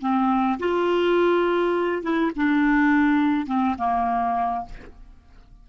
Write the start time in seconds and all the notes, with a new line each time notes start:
0.00 C4
0.59 F4
2.03 E4
2.36 D4
3.46 C4
3.78 A#3